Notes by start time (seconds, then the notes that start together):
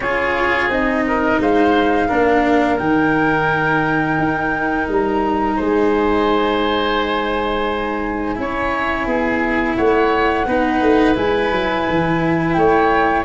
0.00 C#4 F4 G#4 C#5
0.68 C4 D#4 D#5
1.07 A#4
1.39 G#3 C5 F5
2.08 A#3 D4 A#4
2.77 D#3 D#4 G5
4.18 D#4
4.87 G3 A#5
5.56 G#3 C5 G#5
8.35 C#4 E4 C#5
9.06 B3 G#4
9.75 A3 C#5 F#5
10.46 B3 D#4 B4
10.81 A3
11.14 G#3 E4 G#5
11.51 F#3
11.89 E3
12.53 A3 C#5 G5